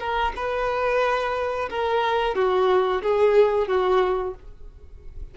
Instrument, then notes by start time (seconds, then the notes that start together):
violin
0.00 A#4
0.36 B4
1.71 A#4
2.35 F#4
3.03 G#4
3.68 F#4